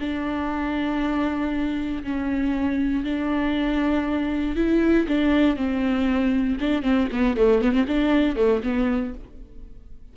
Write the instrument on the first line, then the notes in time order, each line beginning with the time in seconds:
viola
0.00 D4
2.04 C#4
3.04 D4
4.56 E4
5.08 D4
5.56 C4
6.61 D4
6.83 C4
7.12 B3
7.37 A3
7.62 B3
7.73 C4
7.88 D4
8.36 A3
8.63 B3